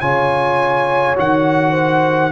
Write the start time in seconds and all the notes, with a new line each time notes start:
0.00 C#3 F4 C#5 G#5
1.16 D#3 F#4 F#5
1.72 C5